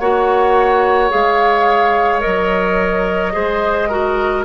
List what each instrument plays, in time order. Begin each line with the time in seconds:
0.00 bassoon A#3, clarinet F#4, oboe C#5, flute F#5
1.11 bassoon G#3, clarinet G#4, flute F5
2.21 bassoon F#3, clarinet A#4, flute D#5
3.33 bassoon G#3, clarinet G#4, oboe C5
3.89 clarinet F#4, oboe A#4